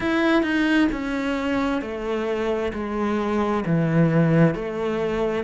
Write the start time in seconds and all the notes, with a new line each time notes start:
0.00 E4
0.42 D#4
0.91 C#4
1.81 A3
2.73 G#3
3.66 E3
4.55 A3